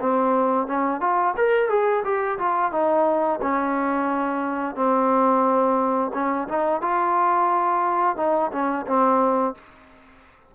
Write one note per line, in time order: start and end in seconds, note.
0.00 0.67 C4
0.67 1.00 C#4
1.00 1.35 F4
1.36 1.69 A#4
1.69 2.03 G#4
2.04 2.38 G4
2.39 2.71 F4
2.71 3.40 D#4
3.42 4.75 C#4
4.75 6.11 C4
6.14 6.48 C#4
6.48 6.81 D#4
6.81 8.17 F4
8.17 8.51 D#4
8.52 8.86 C#4
8.86 9.55 C4